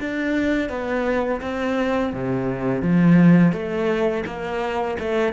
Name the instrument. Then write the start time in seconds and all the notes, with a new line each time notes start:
cello
0.00 D4
0.69 B3
1.41 C4
2.13 C3
2.82 F3
3.53 A3
4.26 A#3
4.99 A3